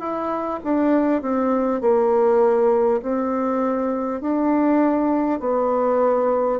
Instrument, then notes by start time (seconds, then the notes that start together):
bassoon
0.00 E4
0.64 D4
1.22 C4
1.81 A#3
3.02 C4
4.21 D4
5.40 B3